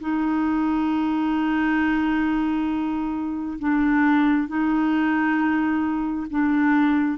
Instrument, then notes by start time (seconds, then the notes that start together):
clarinet
0.00 D#4
3.59 D4
4.47 D#4
6.30 D4